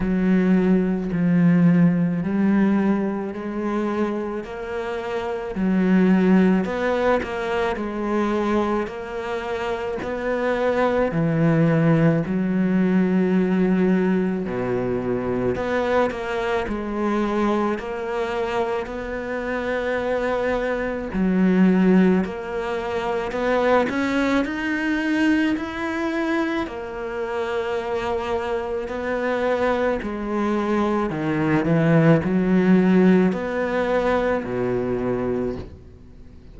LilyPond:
\new Staff \with { instrumentName = "cello" } { \time 4/4 \tempo 4 = 54 fis4 f4 g4 gis4 | ais4 fis4 b8 ais8 gis4 | ais4 b4 e4 fis4~ | fis4 b,4 b8 ais8 gis4 |
ais4 b2 fis4 | ais4 b8 cis'8 dis'4 e'4 | ais2 b4 gis4 | dis8 e8 fis4 b4 b,4 | }